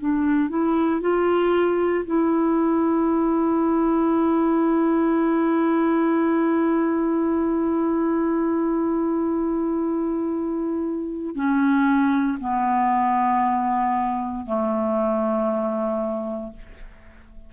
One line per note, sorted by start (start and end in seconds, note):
0.00 0.49 D4
0.49 1.01 E4
1.01 2.05 F4
2.05 11.35 E4
11.35 12.39 C#4
12.40 14.46 B3
14.46 16.53 A3